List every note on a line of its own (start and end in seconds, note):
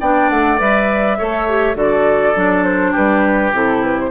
0.00 0.30 B3
0.00 0.59 D4
0.00 1.18 D5
0.00 0.30 G5
0.30 0.60 A3
0.30 0.59 F#5
0.59 1.19 G3
0.59 1.18 B4
0.59 1.77 E5
1.18 1.75 A3
1.18 1.48 A4
1.18 1.77 C#5
1.49 1.75 G4
1.75 2.34 D3
1.75 2.34 F#4
1.75 2.92 A4
1.75 2.64 D5
2.35 2.94 F#3
2.35 3.53 D4
2.64 2.94 C5
2.92 3.53 G3
2.92 4.09 G4
2.92 3.54 B4
3.53 4.11 C3
3.53 4.11 E4
3.53 3.84 A4
3.84 3.99 B4
4.00 4.11 C5